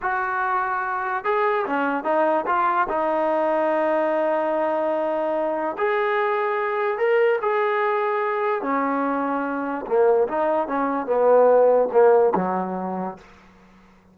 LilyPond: \new Staff \with { instrumentName = "trombone" } { \time 4/4 \tempo 4 = 146 fis'2. gis'4 | cis'4 dis'4 f'4 dis'4~ | dis'1~ | dis'2 gis'2~ |
gis'4 ais'4 gis'2~ | gis'4 cis'2. | ais4 dis'4 cis'4 b4~ | b4 ais4 fis2 | }